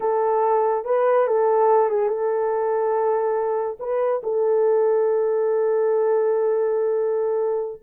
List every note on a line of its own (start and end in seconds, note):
0.00 0.84 A4
0.85 1.27 B4
1.27 1.89 A4
1.89 2.08 G#4
2.08 3.77 A4
3.79 4.21 B4
4.23 7.82 A4